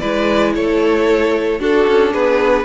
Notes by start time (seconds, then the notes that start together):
0.00 G#3 E4 B4 D5
0.55 A3 A4 C#5
1.60 D4 F#4 A4
1.87 C#4
2.12 B3 G#4 B4